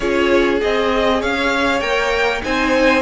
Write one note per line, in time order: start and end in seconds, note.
0.00 0.60 C#4
0.00 0.60 F4
0.00 1.18 G#4
0.00 0.58 C#5
0.60 1.22 C4
0.60 1.81 G#4
0.60 1.21 D#5
1.21 1.80 C#4
1.21 2.42 C#5
1.21 1.80 F5
1.80 2.41 A#3
1.80 2.42 A#4
1.80 2.41 G5
2.42 3.02 C4
2.42 3.02 D#4
2.42 3.02 C5
2.42 3.02 G#5